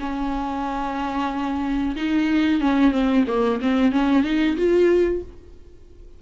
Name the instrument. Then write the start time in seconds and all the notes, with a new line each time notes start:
viola
0.00 C#4
1.96 D#4
2.61 C#4
2.92 C4
3.27 A#3
3.62 C4
3.92 C#4
4.24 D#4
4.57 F4